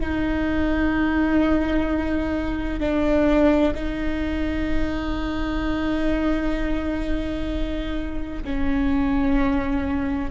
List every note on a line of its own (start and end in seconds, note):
0.00 2.80 D#4
2.80 3.73 D4
3.75 8.43 D#4
8.44 10.30 C#4